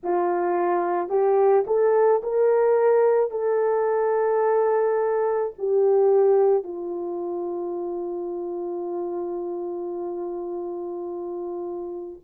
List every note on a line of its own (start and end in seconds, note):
0.03 1.09 F4
1.09 1.64 G4
1.66 2.22 A4
2.22 3.30 A#4
3.30 5.53 A4
5.58 6.63 G4
6.63 12.19 F4